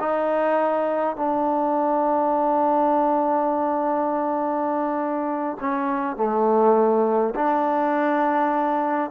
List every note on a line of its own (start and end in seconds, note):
0.00 1.16 D#4
1.16 5.57 D4
5.60 6.17 C#4
6.17 7.34 A3
7.35 9.11 D4